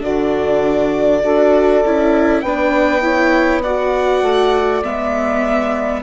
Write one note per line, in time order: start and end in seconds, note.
0.00 1.22 D3
0.00 1.20 D4
0.00 1.21 F#4
0.00 2.41 D5
1.22 1.83 D4
1.22 1.83 F#4
1.22 2.42 A4
1.84 2.43 C#4
1.84 2.45 E4
2.41 4.22 B3
2.41 3.01 D4
2.41 3.02 B4
2.41 3.61 G5
3.01 3.61 E4
3.01 3.62 C#5
3.62 4.83 F#4
3.62 6.02 D5
3.62 4.83 F#5
4.22 4.82 A3
4.83 6.02 G#3
4.83 6.02 B3
4.83 6.02 E5